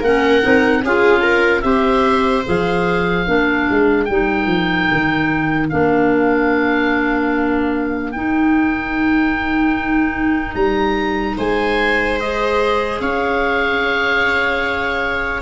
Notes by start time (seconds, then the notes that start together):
0.00 A#3 C#4 A#4 F#5
0.42 C4 D#4
0.84 C#4 F4 G#4 F5
1.23 A#4
1.62 C4 G4 C5 E5
2.46 F3 G#4 F5
3.27 A#3 D4 A#4
3.71 G#3
4.05 G3 D#4 G5
4.47 F3
4.92 D#3
5.70 A#3 D4 F5
8.12 D#4 G5
10.55 G3 A#5
11.38 G#3 C5 G#5
12.21 G#4 D#5
13.01 C#4 C#5 F5